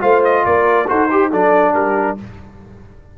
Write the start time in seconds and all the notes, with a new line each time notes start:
0.00 A3 F4 C5 F5
0.24 D#5
0.45 A#3 A#4 D5
0.88 D#4 F#4 A4 C5
1.10 G4
1.31 F#3 D4 A4 D5
1.73 G3 G4 A#4